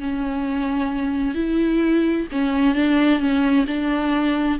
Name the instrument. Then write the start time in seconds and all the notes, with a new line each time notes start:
viola
0.00 C#4
1.35 E4
2.32 C#4
2.75 D4
3.19 C#4
3.67 D4